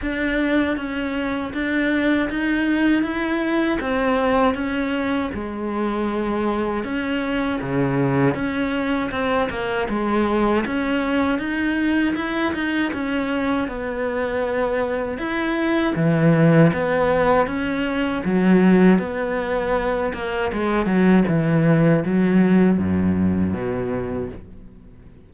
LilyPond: \new Staff \with { instrumentName = "cello" } { \time 4/4 \tempo 4 = 79 d'4 cis'4 d'4 dis'4 | e'4 c'4 cis'4 gis4~ | gis4 cis'4 cis4 cis'4 | c'8 ais8 gis4 cis'4 dis'4 |
e'8 dis'8 cis'4 b2 | e'4 e4 b4 cis'4 | fis4 b4. ais8 gis8 fis8 | e4 fis4 fis,4 b,4 | }